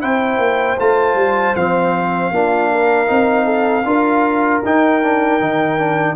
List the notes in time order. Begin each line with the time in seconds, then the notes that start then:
0.00 C4 E4 C5 G5
0.38 A#3
0.79 A3 F4 A5
1.15 G3
1.56 F3 C4 F5
2.31 A#3 D4 F4
2.72 A#4
3.07 C4 D#4
3.46 A4
3.85 D4 F4 A#4
4.65 D#4 G5
5.03 D4
5.40 D#3 D#4
5.79 D4